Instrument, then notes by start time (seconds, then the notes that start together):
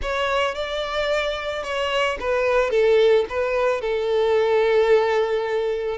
violin
0.02 C#5
0.55 D5
1.63 C#5
2.20 B4
2.70 A4
3.29 B4
3.81 A4